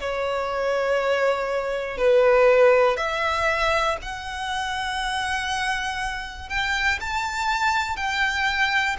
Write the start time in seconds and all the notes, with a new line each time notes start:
0.00 C#5
1.98 B4
2.96 E5
4.02 F#5
6.49 G5
7.00 A5
7.96 G5